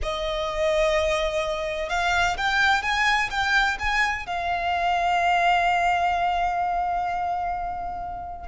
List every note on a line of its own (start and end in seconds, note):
0.02 1.89 D#5
1.89 2.36 F5
2.37 2.82 G5
2.82 3.29 G#5
3.30 3.77 G5
3.79 4.26 G#5
4.26 8.48 F5